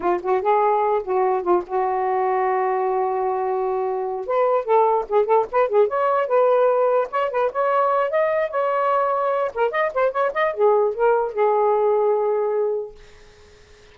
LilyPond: \new Staff \with { instrumentName = "saxophone" } { \time 4/4 \tempo 4 = 148 f'8 fis'8 gis'4. fis'4 f'8 | fis'1~ | fis'2~ fis'8 b'4 a'8~ | a'8 gis'8 a'8 b'8 gis'8 cis''4 b'8~ |
b'4. cis''8 b'8 cis''4. | dis''4 cis''2~ cis''8 ais'8 | dis''8 c''8 cis''8 dis''8 gis'4 ais'4 | gis'1 | }